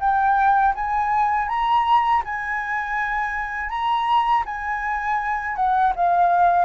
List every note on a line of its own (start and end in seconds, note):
0.00 0.74 G5
0.75 1.48 G#5
1.48 2.22 A#5
2.25 3.70 G#5
3.70 4.44 A#5
4.45 5.56 G#5
5.56 5.93 F#5
5.95 6.65 F5